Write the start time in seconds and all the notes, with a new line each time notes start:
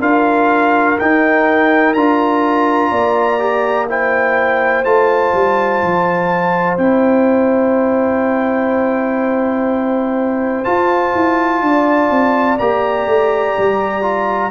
0.00 D4 F4 A#4 F5
0.98 D#4 G5
1.93 D4 F4 A#5
2.90 A#3 D5
3.39 G4
3.89 E4 C5 G5
4.84 A3 F4 A5
5.33 G3
5.82 F3
6.77 C4 E4 G5
10.64 F4 A5
11.14 E4
11.61 D4 D5
12.10 C4
12.58 A#3 G4 A#5
13.06 A3
13.58 G3
14.02 F4